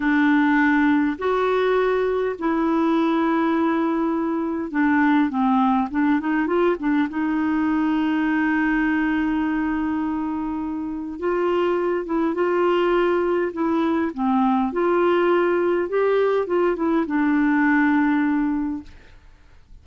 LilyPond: \new Staff \with { instrumentName = "clarinet" } { \time 4/4 \tempo 4 = 102 d'2 fis'2 | e'1 | d'4 c'4 d'8 dis'8 f'8 d'8 | dis'1~ |
dis'2. f'4~ | f'8 e'8 f'2 e'4 | c'4 f'2 g'4 | f'8 e'8 d'2. | }